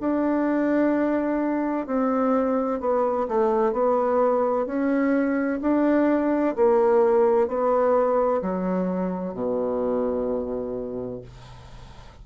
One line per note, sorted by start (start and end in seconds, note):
0.00 1.87 D4
1.87 2.80 C4
2.80 3.27 B3
3.28 3.72 A3
3.72 4.66 B3
4.66 5.60 C#4
5.61 6.55 D4
6.55 7.47 A#3
7.47 8.41 B3
8.42 9.34 F#3
9.34 11.21 B2